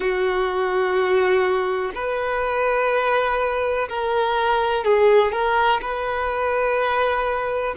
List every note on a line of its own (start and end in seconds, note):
0.00 1.91 F#4
1.94 3.88 B4
3.88 4.84 A#4
4.84 5.31 G#4
5.31 5.80 A#4
5.81 7.75 B4